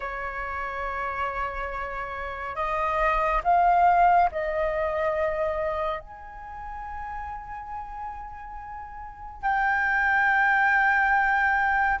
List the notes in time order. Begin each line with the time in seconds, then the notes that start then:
0.00 C#5
2.55 D#5
3.44 F5
4.31 D#5
6.00 G#5
9.42 G5